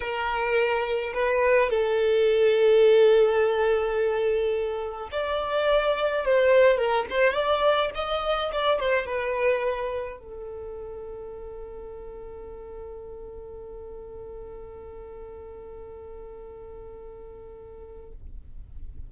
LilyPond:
\new Staff \with { instrumentName = "violin" } { \time 4/4 \tempo 4 = 106 ais'2 b'4 a'4~ | a'1~ | a'4 d''2 c''4 | ais'8 c''8 d''4 dis''4 d''8 c''8 |
b'2 a'2~ | a'1~ | a'1~ | a'1 | }